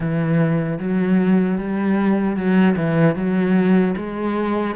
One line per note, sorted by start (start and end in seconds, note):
0.00 0.79 E3
0.79 1.58 F#3
1.58 2.36 G3
2.36 2.75 F#3
2.76 3.15 E3
3.15 3.94 F#3
3.97 4.75 G#3